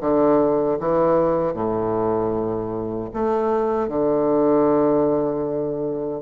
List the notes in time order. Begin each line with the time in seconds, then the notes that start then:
0.00 D3
0.79 E3
1.53 A2
3.13 A3
3.88 D3